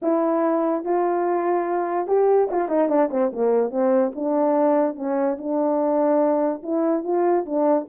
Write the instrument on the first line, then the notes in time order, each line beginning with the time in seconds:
horn
0.02 E4
0.84 F4
2.07 G4
2.50 F4
2.68 D#4
2.89 D4
3.10 C4
3.32 A#3
3.70 C4
4.15 D4
4.95 C#4
5.38 D4
6.62 E4
7.03 F4
7.45 D4